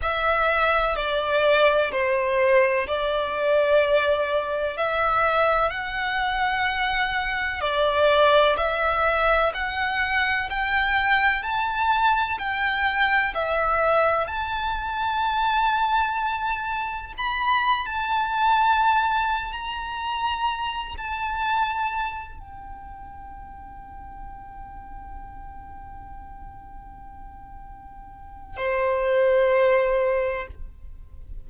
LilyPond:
\new Staff \with { instrumentName = "violin" } { \time 4/4 \tempo 4 = 63 e''4 d''4 c''4 d''4~ | d''4 e''4 fis''2 | d''4 e''4 fis''4 g''4 | a''4 g''4 e''4 a''4~ |
a''2 b''8. a''4~ a''16~ | a''8 ais''4. a''4. g''8~ | g''1~ | g''2 c''2 | }